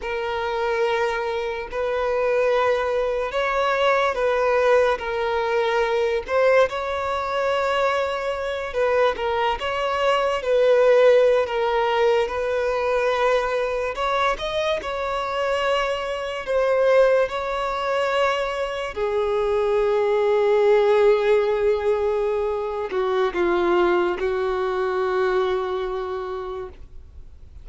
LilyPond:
\new Staff \with { instrumentName = "violin" } { \time 4/4 \tempo 4 = 72 ais'2 b'2 | cis''4 b'4 ais'4. c''8 | cis''2~ cis''8 b'8 ais'8 cis''8~ | cis''8 b'4~ b'16 ais'4 b'4~ b'16~ |
b'8. cis''8 dis''8 cis''2 c''16~ | c''8. cis''2 gis'4~ gis'16~ | gis'2.~ gis'8 fis'8 | f'4 fis'2. | }